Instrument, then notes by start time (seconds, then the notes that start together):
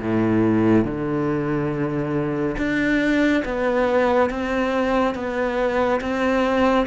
cello
0.00 A2
0.85 D3
2.58 D4
3.45 B3
4.30 C4
5.15 B3
6.01 C4